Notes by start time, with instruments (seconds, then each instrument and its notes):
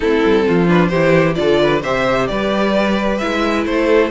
0.00 cello A3, viola C4, violin E4 A4
0.24 cello G3
0.47 cello F3, violin F4
0.67 viola D4, violin B4
0.87 cello E3, violin G4 C5
0.94 viola E4
1.34 cello D3, viola F4, violin A4 D5
1.62 violin B4
1.82 cello C3, viola G4, violin C5 E5
2.27 cello G3, violin B4 D5
3.18 cello G#3, viola E4, violin E5
3.65 cello A3, violin A4 C5